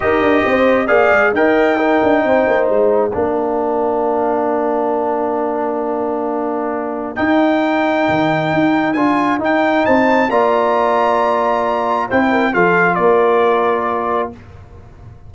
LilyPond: <<
  \new Staff \with { instrumentName = "trumpet" } { \time 4/4 \tempo 4 = 134 dis''2 f''4 g''4~ | g''2 f''2~ | f''1~ | f''1 |
g''1 | gis''4 g''4 a''4 ais''4~ | ais''2. g''4 | f''4 d''2. | }
  \new Staff \with { instrumentName = "horn" } { \time 4/4 ais'4 c''4 d''4 dis''4 | ais'4 c''2 ais'4~ | ais'1~ | ais'1~ |
ais'1~ | ais'2 c''4 d''4~ | d''2. c''8 ais'8 | a'4 ais'2. | }
  \new Staff \with { instrumentName = "trombone" } { \time 4/4 g'2 gis'4 ais'4 | dis'2. d'4~ | d'1~ | d'1 |
dis'1 | f'4 dis'2 f'4~ | f'2. e'4 | f'1 | }
  \new Staff \with { instrumentName = "tuba" } { \time 4/4 dis'8 d'8 c'4 ais8 gis8 dis'4~ | dis'8 d'8 c'8 ais8 gis4 ais4~ | ais1~ | ais1 |
dis'2 dis4 dis'4 | d'4 dis'4 c'4 ais4~ | ais2. c'4 | f4 ais2. | }
>>